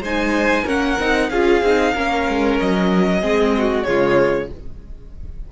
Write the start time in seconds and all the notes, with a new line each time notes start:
0.00 G#3 D#4 C5 G#5
0.64 A#3 C#4 A#4 F#5
0.99 C4 D#4
1.30 C#4 F4 G#4 F5
1.62 C4 D#4
1.92 A#3 C#4 A#4
2.28 G#3
2.59 F#3 D#5
3.21 G#3 C4 G#4
3.58 F#4
3.83 C#3 G#3 F4 C#5